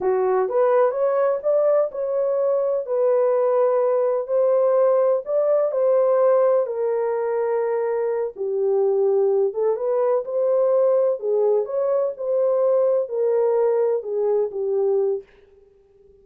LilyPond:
\new Staff \with { instrumentName = "horn" } { \time 4/4 \tempo 4 = 126 fis'4 b'4 cis''4 d''4 | cis''2 b'2~ | b'4 c''2 d''4 | c''2 ais'2~ |
ais'4. g'2~ g'8 | a'8 b'4 c''2 gis'8~ | gis'8 cis''4 c''2 ais'8~ | ais'4. gis'4 g'4. | }